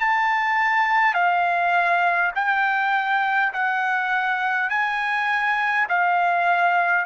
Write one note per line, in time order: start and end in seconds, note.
0.00 1.14 A5
1.14 2.32 F5
2.35 3.52 G5
3.53 4.70 F#5
4.70 5.87 G#5
5.89 7.05 F5